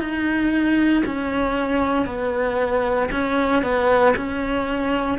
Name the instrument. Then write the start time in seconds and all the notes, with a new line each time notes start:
cello
0.00 D#4
1.06 C#4
2.06 B3
3.11 C#4
3.63 B3
4.17 C#4